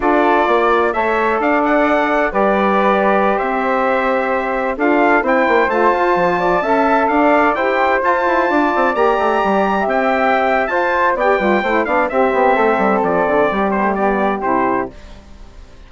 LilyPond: <<
  \new Staff \with { instrumentName = "trumpet" } { \time 4/4 \tempo 4 = 129 d''2 e''4 f''8 fis''8~ | fis''4 d''2~ d''16 e''8.~ | e''2~ e''16 f''4 g''8.~ | g''16 a''2. f''8.~ |
f''16 g''4 a''2 ais''8.~ | ais''4~ ais''16 g''4.~ g''16 a''4 | g''4. f''8 e''2 | d''4. c''8 d''4 c''4 | }
  \new Staff \with { instrumentName = "flute" } { \time 4/4 a'4 d''4 cis''4 d''4~ | d''4 b'2~ b'16 c''8.~ | c''2~ c''16 a'4 c''8.~ | c''4.~ c''16 d''8 e''4 d''8.~ |
d''16 c''2 d''4.~ d''16~ | d''4 e''2 c''4 | d''8 b'8 c''8 d''8 g'4 a'4~ | a'4 g'2. | }
  \new Staff \with { instrumentName = "saxophone" } { \time 4/4 f'2 a'2~ | a'4 g'2.~ | g'2~ g'16 f'4 e'8.~ | e'16 f'2 a'4.~ a'16~ |
a'16 g'4 f'2 g'8.~ | g'2. f'4 | g'8 f'8 e'8 d'8 c'2~ | c'4. b16 a16 b4 e'4 | }
  \new Staff \with { instrumentName = "bassoon" } { \time 4/4 d'4 ais4 a4 d'4~ | d'4 g2~ g16 c'8.~ | c'2~ c'16 d'4 c'8 ais16~ | ais16 a8 f'8 f4 cis'4 d'8.~ |
d'16 e'4 f'8 e'8 d'8 c'8 ais8 a16~ | a16 g4 c'4.~ c'16 f'4 | b8 g8 a8 b8 c'8 b8 a8 g8 | f8 d8 g2 c4 | }
>>